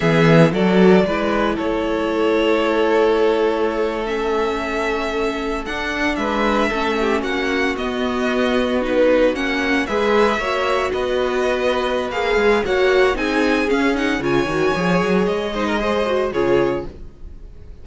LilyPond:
<<
  \new Staff \with { instrumentName = "violin" } { \time 4/4 \tempo 4 = 114 e''4 d''2 cis''4~ | cis''2.~ cis''8. e''16~ | e''2~ e''8. fis''4 e''16~ | e''4.~ e''16 fis''4 dis''4~ dis''16~ |
dis''8. b'4 fis''4 e''4~ e''16~ | e''8. dis''2~ dis''16 f''4 | fis''4 gis''4 f''8 fis''8 gis''4~ | gis''4 dis''2 cis''4 | }
  \new Staff \with { instrumentName = "violin" } { \time 4/4 gis'4 a'4 b'4 a'4~ | a'1~ | a'2.~ a'8. b'16~ | b'8. a'8 g'8 fis'2~ fis'16~ |
fis'2~ fis'8. b'4 cis''16~ | cis''8. b'2.~ b'16 | cis''4 gis'2 cis''4~ | cis''4. c''16 ais'16 c''4 gis'4 | }
  \new Staff \with { instrumentName = "viola" } { \time 4/4 b4 fis'4 e'2~ | e'2.~ e'8. cis'16~ | cis'2~ cis'8. d'4~ d'16~ | d'8. cis'2 b4~ b16~ |
b8. dis'4 cis'4 gis'4 fis'16~ | fis'2. gis'4 | fis'4 dis'4 cis'8 dis'8 f'8 fis'8 | gis'4. dis'8 gis'8 fis'8 f'4 | }
  \new Staff \with { instrumentName = "cello" } { \time 4/4 e4 fis4 gis4 a4~ | a1~ | a2~ a8. d'4 gis16~ | gis8. a4 ais4 b4~ b16~ |
b4.~ b16 ais4 gis4 ais16~ | ais8. b2~ b16 ais8 gis8 | ais4 c'4 cis'4 cis8 dis8 | f8 fis8 gis2 cis4 | }
>>